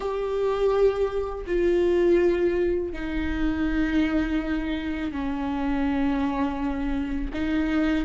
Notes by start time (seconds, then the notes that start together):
0.00 G4
1.46 F4
2.92 D#4
5.12 C#4
7.33 D#4